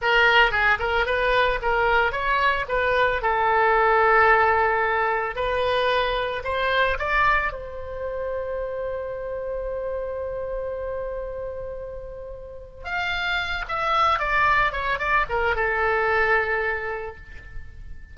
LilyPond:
\new Staff \with { instrumentName = "oboe" } { \time 4/4 \tempo 4 = 112 ais'4 gis'8 ais'8 b'4 ais'4 | cis''4 b'4 a'2~ | a'2 b'2 | c''4 d''4 c''2~ |
c''1~ | c''1 | f''4. e''4 d''4 cis''8 | d''8 ais'8 a'2. | }